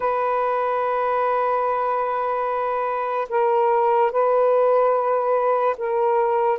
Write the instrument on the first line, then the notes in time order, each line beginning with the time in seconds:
saxophone
0.00 B4
3.29 A#4
4.11 B4
5.77 A#4